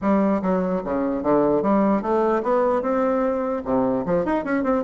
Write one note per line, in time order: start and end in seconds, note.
0.01 0.41 G3
0.42 0.82 F#3
0.84 1.22 C#3
1.22 1.62 D3
1.62 2.02 G3
2.02 2.42 A3
2.42 2.82 B3
2.82 3.62 C4
3.64 4.05 C3
4.05 4.25 F3
4.25 4.44 D#4
4.44 4.63 C#4
4.63 4.83 C4